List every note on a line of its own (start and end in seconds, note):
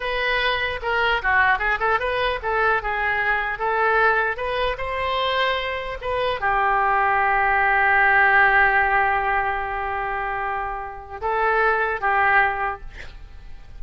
0.00 0.79 B4
0.82 1.22 A#4
1.22 1.59 F#4
1.59 1.79 G#4
1.79 1.99 A4
1.99 2.39 B4
2.42 2.82 A4
2.82 3.59 G#4
3.59 4.37 A4
4.37 4.77 B4
4.77 5.97 C5
6.01 6.40 B4
6.40 11.20 G4
11.21 12.00 A4
12.00 12.80 G4